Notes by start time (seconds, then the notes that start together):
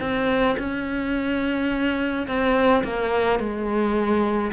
0.00 C4
0.59 C#4
2.27 C4
2.84 A#3
3.39 G#3